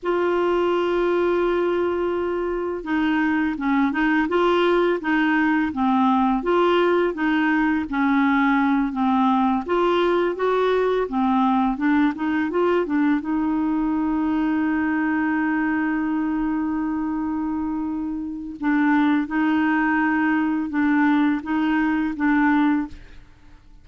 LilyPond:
\new Staff \with { instrumentName = "clarinet" } { \time 4/4 \tempo 4 = 84 f'1 | dis'4 cis'8 dis'8 f'4 dis'4 | c'4 f'4 dis'4 cis'4~ | cis'8 c'4 f'4 fis'4 c'8~ |
c'8 d'8 dis'8 f'8 d'8 dis'4.~ | dis'1~ | dis'2 d'4 dis'4~ | dis'4 d'4 dis'4 d'4 | }